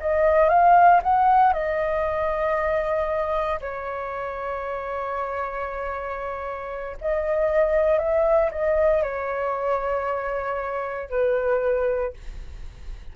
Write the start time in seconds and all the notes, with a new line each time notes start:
0.00 D#5
0.49 F5
1.03 F#5
1.53 D#5
3.61 C#5
7.01 D#5
7.98 E5
8.52 D#5
9.03 C#5
11.10 B4